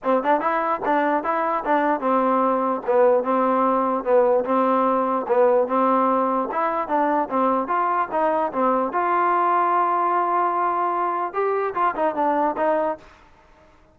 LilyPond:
\new Staff \with { instrumentName = "trombone" } { \time 4/4 \tempo 4 = 148 c'8 d'8 e'4 d'4 e'4 | d'4 c'2 b4 | c'2 b4 c'4~ | c'4 b4 c'2 |
e'4 d'4 c'4 f'4 | dis'4 c'4 f'2~ | f'1 | g'4 f'8 dis'8 d'4 dis'4 | }